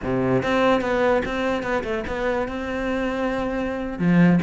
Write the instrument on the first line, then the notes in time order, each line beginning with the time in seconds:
cello
0.03 C3
0.43 C4
0.81 B3
1.25 C4
1.62 B3
1.83 A3
2.07 B3
2.48 C4
3.98 F3